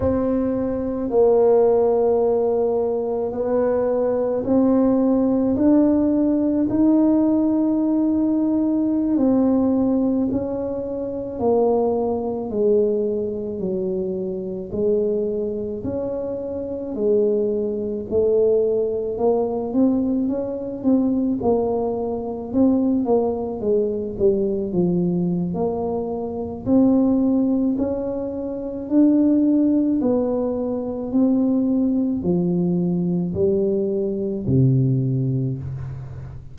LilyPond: \new Staff \with { instrumentName = "tuba" } { \time 4/4 \tempo 4 = 54 c'4 ais2 b4 | c'4 d'4 dis'2~ | dis'16 c'4 cis'4 ais4 gis8.~ | gis16 fis4 gis4 cis'4 gis8.~ |
gis16 a4 ais8 c'8 cis'8 c'8 ais8.~ | ais16 c'8 ais8 gis8 g8 f8. ais4 | c'4 cis'4 d'4 b4 | c'4 f4 g4 c4 | }